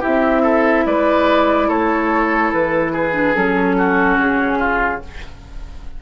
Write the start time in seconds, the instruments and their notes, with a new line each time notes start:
0.00 bassoon C4, clarinet E4, oboe G4, flute E5
0.42 oboe A4
0.86 bassoon G#3, oboe B4, flute D5
1.68 bassoon A3, oboe A4, flute C#5
2.53 bassoon E3, flute B4
2.92 oboe G#4
3.13 clarinet D4
3.34 bassoon F#3, clarinet C#4, flute A4
3.78 oboe F#4
4.17 bassoon C#3, flute G#4
4.58 oboe F4